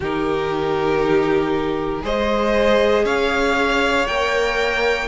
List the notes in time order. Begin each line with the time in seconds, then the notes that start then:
0.00 D#3 D#4 G4 A#4
2.01 G#3 G#4 C5 D#5
3.04 C#4 C#5 F5
4.07 A#3 A#4 G5